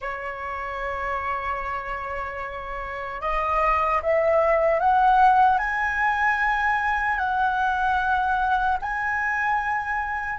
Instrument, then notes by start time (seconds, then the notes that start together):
flute
0.01 C#5
3.21 D#5
4.02 E5
4.79 F#5
5.58 G#5
7.18 F#5
8.81 G#5